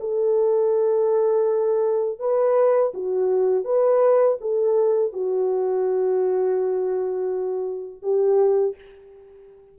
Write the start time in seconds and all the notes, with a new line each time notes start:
0.00 A4
2.20 B4
2.94 F#4
3.65 B4
4.41 A4
5.13 F#4
8.03 G4